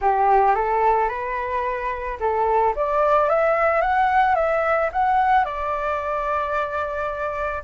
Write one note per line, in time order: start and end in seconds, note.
0.01 0.55 G4
0.55 1.08 A4
1.08 2.17 B4
2.20 2.74 A4
2.75 3.29 D5
3.29 3.81 E5
3.81 4.35 F#5
4.35 4.89 E5
4.92 5.44 F#5
5.44 7.62 D5